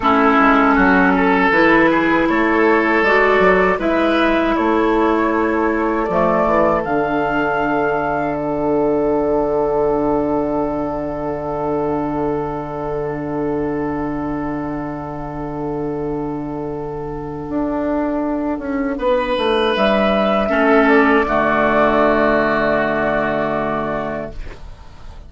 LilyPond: <<
  \new Staff \with { instrumentName = "flute" } { \time 4/4 \tempo 4 = 79 a'2 b'4 cis''4 | d''4 e''4 cis''2 | d''4 f''2 fis''4~ | fis''1~ |
fis''1~ | fis''1~ | fis''2 e''4. d''8~ | d''1 | }
  \new Staff \with { instrumentName = "oboe" } { \time 4/4 e'4 fis'8 a'4 gis'8 a'4~ | a'4 b'4 a'2~ | a'1~ | a'1~ |
a'1~ | a'1~ | a'4 b'2 a'4 | fis'1 | }
  \new Staff \with { instrumentName = "clarinet" } { \time 4/4 cis'2 e'2 | fis'4 e'2. | a4 d'2.~ | d'1~ |
d'1~ | d'1~ | d'2. cis'4 | a1 | }
  \new Staff \with { instrumentName = "bassoon" } { \time 4/4 a8 gis8 fis4 e4 a4 | gis8 fis8 gis4 a2 | f8 e8 d2.~ | d1~ |
d1~ | d2. d'4~ | d'8 cis'8 b8 a8 g4 a4 | d1 | }
>>